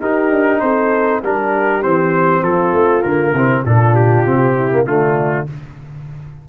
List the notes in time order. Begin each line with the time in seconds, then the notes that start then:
0.00 D#4 G4 A#4
0.31 D4
0.60 C4 A4 C5
1.23 G3 D4 G4 A#4
1.83 E3 C4 C5
2.42 F3 F4 A4
2.73 A3
3.03 D3 A#3 A#4
3.32 C3 C4 E4
3.65 A#2 D4 F4 A4
3.95 G4
4.26 C3 C4
4.55 E4
4.72 A#3
4.85 D3 A3 D4 F4